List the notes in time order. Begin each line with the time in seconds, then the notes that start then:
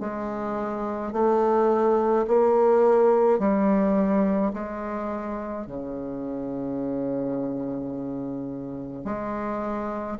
0.00 G#3
1.13 A3
2.27 A#3
3.39 G3
4.53 G#3
5.67 C#3
9.05 G#3